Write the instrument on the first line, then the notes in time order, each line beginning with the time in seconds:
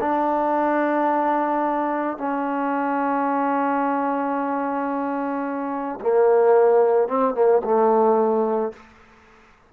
trombone
0.00 D4
2.18 C#4
6.01 A#3
7.08 C4
7.34 A#3
7.64 A3